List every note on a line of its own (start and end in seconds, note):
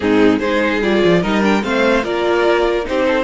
0.00 0.41 G#2
0.00 0.41 C4
0.00 0.38 D#4
0.00 0.38 G#4
0.38 0.81 G#3
0.38 0.82 D#4
0.38 1.20 G#4
0.38 0.79 C5
0.81 1.02 G3
0.81 1.23 F4
0.81 1.23 D5
1.04 1.24 F3
1.21 1.64 G3
1.21 1.41 D#4
1.21 1.62 A#4
1.21 1.43 D#5
1.41 1.61 D4
1.41 1.63 G5
1.62 2.04 A3
1.62 2.03 C4
1.62 2.04 C5
1.62 2.04 F5
2.03 2.85 A#3
2.03 2.83 F4
2.03 2.85 A#4
2.03 2.85 D5
2.83 3.24 C4
2.83 3.24 D#4
2.83 3.06 G4
2.83 3.24 C5
3.06 3.24 A4